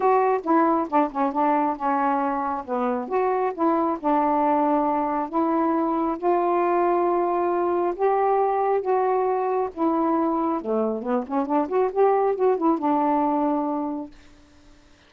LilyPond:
\new Staff \with { instrumentName = "saxophone" } { \time 4/4 \tempo 4 = 136 fis'4 e'4 d'8 cis'8 d'4 | cis'2 b4 fis'4 | e'4 d'2. | e'2 f'2~ |
f'2 g'2 | fis'2 e'2 | a4 b8 cis'8 d'8 fis'8 g'4 | fis'8 e'8 d'2. | }